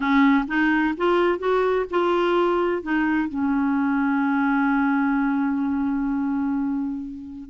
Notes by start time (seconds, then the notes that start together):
0.00 C#4
0.47 D#4
0.97 F4
1.38 F#4
1.90 F4
2.82 D#4
3.28 C#4